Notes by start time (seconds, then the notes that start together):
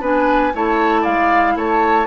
0.00 B3 D4 B4 G#5
0.54 A3 E4 C#5 A5
1.01 G#3 D5 F5
1.55 A3 C#5 A5